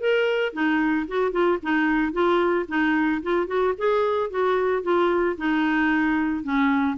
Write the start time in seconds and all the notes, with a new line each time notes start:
0.00 A#4
0.53 D#4
1.08 F#4
1.32 F4
1.63 D#4
2.13 F4
2.68 D#4
3.23 F4
3.47 F#4
3.78 G#4
4.31 F#4
4.83 F4
5.38 D#4
6.44 C#4